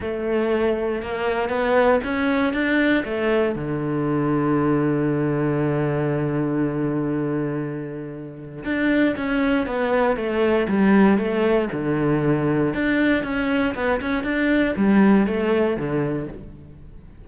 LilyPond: \new Staff \with { instrumentName = "cello" } { \time 4/4 \tempo 4 = 118 a2 ais4 b4 | cis'4 d'4 a4 d4~ | d1~ | d1~ |
d4 d'4 cis'4 b4 | a4 g4 a4 d4~ | d4 d'4 cis'4 b8 cis'8 | d'4 g4 a4 d4 | }